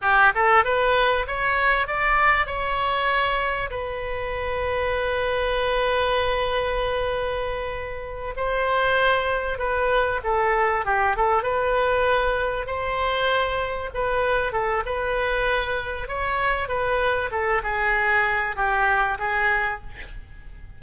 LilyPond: \new Staff \with { instrumentName = "oboe" } { \time 4/4 \tempo 4 = 97 g'8 a'8 b'4 cis''4 d''4 | cis''2 b'2~ | b'1~ | b'4. c''2 b'8~ |
b'8 a'4 g'8 a'8 b'4.~ | b'8 c''2 b'4 a'8 | b'2 cis''4 b'4 | a'8 gis'4. g'4 gis'4 | }